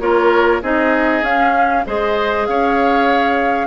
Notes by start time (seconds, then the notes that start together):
0.00 A#3 F4 A#4 C#5
0.62 C4 D#4 G#4 D#5
1.22 C#4 F5
1.86 G#3 G#4 C5 D#5
2.46 C#4 C#5 F5